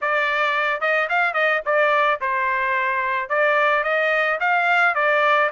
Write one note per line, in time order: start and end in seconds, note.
0.01 0.80 D5
0.80 1.08 D#5
1.09 1.33 F5
1.33 1.61 D#5
1.65 2.20 D5
2.20 3.29 C5
3.29 3.83 D5
3.83 4.38 D#5
4.40 4.94 F5
4.94 5.49 D5